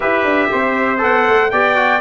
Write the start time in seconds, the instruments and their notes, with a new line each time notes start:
0.00 tuba E4, trombone G4, trumpet B4 E5
0.23 tuba D4
0.51 tuba C4, trumpet C5
0.97 tuba B3, trombone A4, trumpet F#5
1.28 tuba A3
1.50 tuba B3, trombone G4, trumpet D5 G5
1.75 trombone F#4